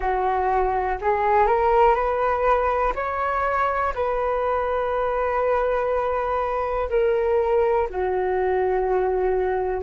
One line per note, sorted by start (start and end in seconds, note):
0.00 0.97 F#4
1.01 1.46 G#4
1.46 1.94 A#4
1.94 2.92 B4
2.95 3.93 C#5
3.94 6.89 B4
6.89 7.87 A#4
7.90 9.82 F#4